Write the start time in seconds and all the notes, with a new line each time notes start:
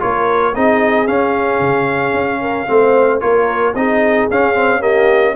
0.00 A#3 F4 A#4 C#5
0.55 C4 D#4 G#4 D#5
1.07 C#4 F5
1.61 C#3
2.14 C#4
2.41 A#4
2.68 A3 C4 C5
3.21 A#3 F4 A#4 C#5
3.75 C4 D#4 G#4 D#5
4.31 C#4 F5
4.55 C4
4.81 A#3 G4 D#5